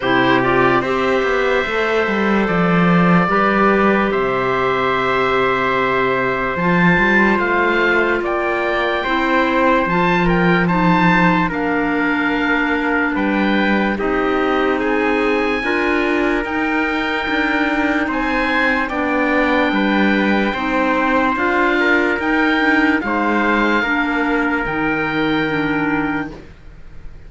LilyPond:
<<
  \new Staff \with { instrumentName = "oboe" } { \time 4/4 \tempo 4 = 73 c''8 d''8 e''2 d''4~ | d''4 e''2. | a''4 f''4 g''2 | a''8 g''8 a''4 f''2 |
g''4 dis''4 gis''2 | g''2 gis''4 g''4~ | g''2 f''4 g''4 | f''2 g''2 | }
  \new Staff \with { instrumentName = "trumpet" } { \time 4/4 g'4 c''2. | b'4 c''2.~ | c''2 d''4 c''4~ | c''8 ais'8 c''4 ais'2 |
b'4 g'4 gis'4 ais'4~ | ais'2 c''4 d''4 | b'4 c''4. ais'4. | c''4 ais'2. | }
  \new Staff \with { instrumentName = "clarinet" } { \time 4/4 e'8 f'8 g'4 a'2 | g'1 | f'2. e'4 | f'4 dis'4 d'2~ |
d'4 dis'2 f'4 | dis'2. d'4~ | d'4 dis'4 f'4 dis'8 d'8 | dis'4 d'4 dis'4 d'4 | }
  \new Staff \with { instrumentName = "cello" } { \time 4/4 c4 c'8 b8 a8 g8 f4 | g4 c2. | f8 g8 a4 ais4 c'4 | f2 ais2 |
g4 c'2 d'4 | dis'4 d'4 c'4 b4 | g4 c'4 d'4 dis'4 | gis4 ais4 dis2 | }
>>